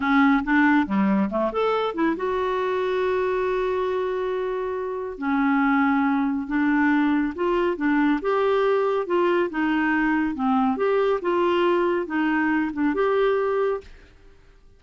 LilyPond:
\new Staff \with { instrumentName = "clarinet" } { \time 4/4 \tempo 4 = 139 cis'4 d'4 g4 a8 a'8~ | a'8 e'8 fis'2.~ | fis'1 | cis'2. d'4~ |
d'4 f'4 d'4 g'4~ | g'4 f'4 dis'2 | c'4 g'4 f'2 | dis'4. d'8 g'2 | }